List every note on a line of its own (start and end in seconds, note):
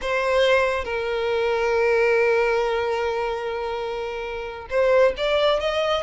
0.01 0.84 C5
0.84 4.67 A#4
4.70 5.14 C5
5.17 5.60 D5
5.60 6.02 D#5